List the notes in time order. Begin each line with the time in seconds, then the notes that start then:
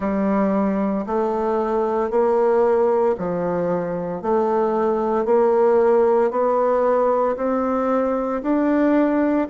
0.00 G3
1.06 A3
2.10 A#3
3.18 F3
4.22 A3
5.25 A#3
6.30 B3
7.36 C4
8.42 D4